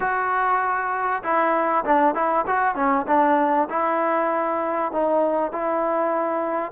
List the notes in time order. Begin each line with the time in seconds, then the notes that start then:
0.00 F#4
1.23 E4
1.84 D4
2.14 E4
2.46 F#4
2.75 C#4
3.07 D4
3.69 E4
4.91 D#4
5.52 E4